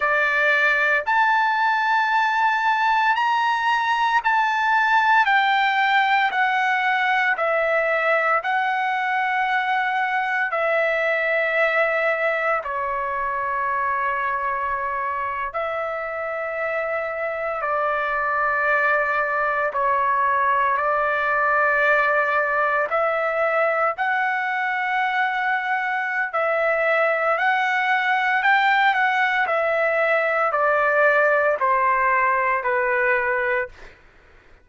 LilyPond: \new Staff \with { instrumentName = "trumpet" } { \time 4/4 \tempo 4 = 57 d''4 a''2 ais''4 | a''4 g''4 fis''4 e''4 | fis''2 e''2 | cis''2~ cis''8. e''4~ e''16~ |
e''8. d''2 cis''4 d''16~ | d''4.~ d''16 e''4 fis''4~ fis''16~ | fis''4 e''4 fis''4 g''8 fis''8 | e''4 d''4 c''4 b'4 | }